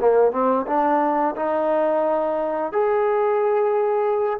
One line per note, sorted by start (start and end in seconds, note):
0.00 0.32 A#3
0.32 0.66 C4
0.67 1.35 D4
1.35 2.72 D#4
2.72 4.40 G#4